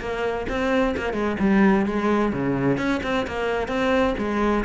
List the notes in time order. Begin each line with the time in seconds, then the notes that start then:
0.00 A#3
0.49 C4
0.97 A#3
1.13 G#3
1.40 G3
1.86 G#3
2.33 C#3
2.78 C#4
3.03 C4
3.27 A#3
3.68 C4
4.18 G#3